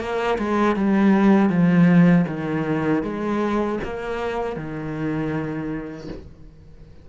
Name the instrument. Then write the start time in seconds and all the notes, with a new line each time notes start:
cello
0.00 A#3
0.38 G#3
0.76 G3
1.49 F3
2.28 D#3
3.03 G#3
3.84 A#3
4.56 D#3